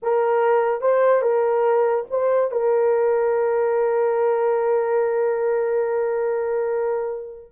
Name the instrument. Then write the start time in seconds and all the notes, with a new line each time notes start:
horn
0.02 A#4
0.81 C5
1.21 A#4
2.10 C5
2.51 A#4